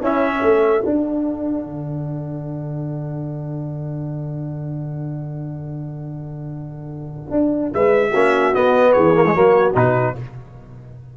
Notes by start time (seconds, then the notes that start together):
0.00 C#4 E4 E5
0.39 A3 A4
0.81 D4 F#5
1.64 D3
7.31 D4
7.73 G#3 B4 E5
8.10 A#3 C#4 F#4
8.54 B3 D#5
8.92 E3 G#4 C#5
9.15 A#3
9.26 G#3
9.34 F#3 A#3 F#4
9.74 B2 D#4 B4